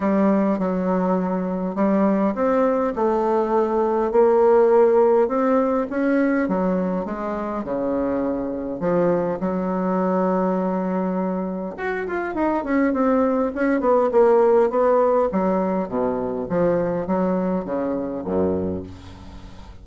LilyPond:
\new Staff \with { instrumentName = "bassoon" } { \time 4/4 \tempo 4 = 102 g4 fis2 g4 | c'4 a2 ais4~ | ais4 c'4 cis'4 fis4 | gis4 cis2 f4 |
fis1 | fis'8 f'8 dis'8 cis'8 c'4 cis'8 b8 | ais4 b4 fis4 b,4 | f4 fis4 cis4 fis,4 | }